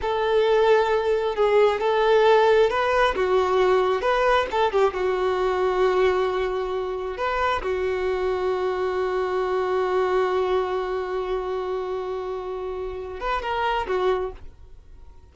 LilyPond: \new Staff \with { instrumentName = "violin" } { \time 4/4 \tempo 4 = 134 a'2. gis'4 | a'2 b'4 fis'4~ | fis'4 b'4 a'8 g'8 fis'4~ | fis'1 |
b'4 fis'2.~ | fis'1~ | fis'1~ | fis'4. b'8 ais'4 fis'4 | }